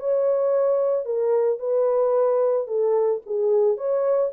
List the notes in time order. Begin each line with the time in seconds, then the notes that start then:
0.00 C#5
1.06 A#4
1.59 B4
2.67 A4
3.27 G#4
3.77 C#5